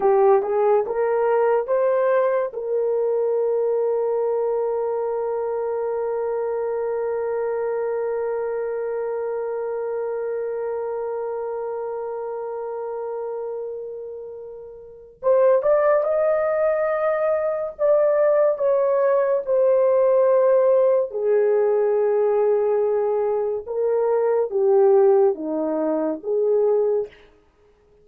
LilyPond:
\new Staff \with { instrumentName = "horn" } { \time 4/4 \tempo 4 = 71 g'8 gis'8 ais'4 c''4 ais'4~ | ais'1~ | ais'1~ | ais'1~ |
ais'2 c''8 d''8 dis''4~ | dis''4 d''4 cis''4 c''4~ | c''4 gis'2. | ais'4 g'4 dis'4 gis'4 | }